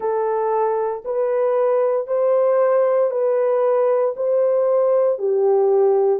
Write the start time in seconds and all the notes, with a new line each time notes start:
0.00 A4
1.04 B4
2.07 C5
3.10 B4
4.16 C5
5.18 G4